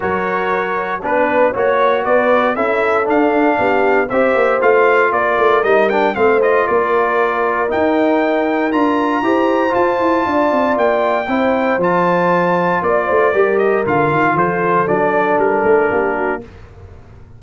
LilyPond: <<
  \new Staff \with { instrumentName = "trumpet" } { \time 4/4 \tempo 4 = 117 cis''2 b'4 cis''4 | d''4 e''4 f''2 | e''4 f''4 d''4 dis''8 g''8 | f''8 dis''8 d''2 g''4~ |
g''4 ais''2 a''4~ | a''4 g''2 a''4~ | a''4 d''4. dis''8 f''4 | c''4 d''4 ais'2 | }
  \new Staff \with { instrumentName = "horn" } { \time 4/4 ais'2 b'4 cis''4 | b'4 a'2 g'4 | c''2 ais'2 | c''4 ais'2.~ |
ais'2 c''2 | d''2 c''2~ | c''4 d''8 c''8 ais'2 | a'2. g'8 fis'8 | }
  \new Staff \with { instrumentName = "trombone" } { \time 4/4 fis'2 d'4 fis'4~ | fis'4 e'4 d'2 | g'4 f'2 dis'8 d'8 | c'8 f'2~ f'8 dis'4~ |
dis'4 f'4 g'4 f'4~ | f'2 e'4 f'4~ | f'2 g'4 f'4~ | f'4 d'2. | }
  \new Staff \with { instrumentName = "tuba" } { \time 4/4 fis2 b4 ais4 | b4 cis'4 d'4 b4 | c'8 ais8 a4 ais8 a8 g4 | a4 ais2 dis'4~ |
dis'4 d'4 e'4 f'8 e'8 | d'8 c'8 ais4 c'4 f4~ | f4 ais8 a8 g4 d8 dis8 | f4 fis4 g8 a8 ais4 | }
>>